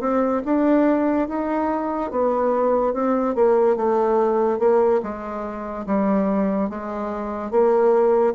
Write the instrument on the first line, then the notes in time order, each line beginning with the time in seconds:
bassoon
0.00 C4
0.45 D4
1.28 D#4
2.11 B3
2.93 C4
3.35 A#3
3.76 A3
4.59 A#3
5.02 G#3
5.86 G3
6.69 G#3
7.51 A#3